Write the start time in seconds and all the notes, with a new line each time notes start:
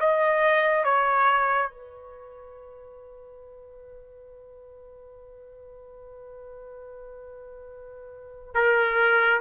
0.00 D#5
0.85 C#5
1.70 B4
8.55 A#4